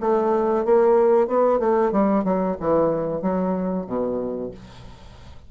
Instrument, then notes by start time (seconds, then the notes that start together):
bassoon
0.00 A3
0.65 A#3
1.27 B3
1.59 A3
1.91 G3
2.24 F#3
2.60 E3
3.22 F#3
3.86 B2